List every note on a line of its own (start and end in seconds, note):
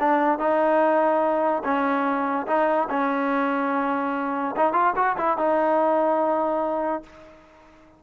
0.00 0.39 D4
0.39 1.63 D#4
1.64 2.47 C#4
2.47 2.88 D#4
2.90 4.56 C#4
4.56 4.73 D#4
4.73 4.94 F4
4.96 5.17 F#4
5.17 5.38 E4
5.38 7.03 D#4